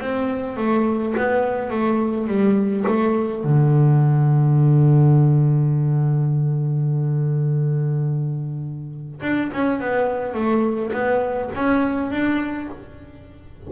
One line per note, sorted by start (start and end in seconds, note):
0.00 0.57 C4
0.57 1.14 A3
1.17 1.70 B3
1.70 2.27 A3
2.27 2.85 G3
2.87 3.44 A3
3.44 9.20 D3
9.22 9.50 D4
9.52 9.80 C#4
9.80 10.34 B3
10.34 10.92 A3
10.92 11.50 B3
11.55 12.11 C#4
12.11 12.68 D4